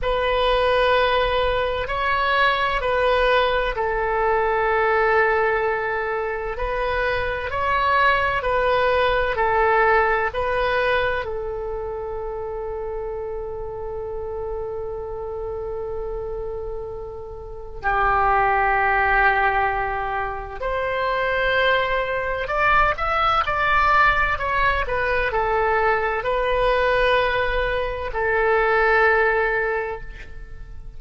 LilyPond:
\new Staff \with { instrumentName = "oboe" } { \time 4/4 \tempo 4 = 64 b'2 cis''4 b'4 | a'2. b'4 | cis''4 b'4 a'4 b'4 | a'1~ |
a'2. g'4~ | g'2 c''2 | d''8 e''8 d''4 cis''8 b'8 a'4 | b'2 a'2 | }